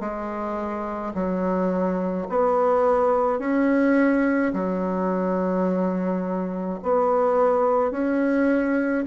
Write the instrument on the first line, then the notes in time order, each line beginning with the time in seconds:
bassoon
0.00 G#3
1.15 F#3
2.30 B3
3.39 C#4
4.53 F#3
6.83 B3
7.91 C#4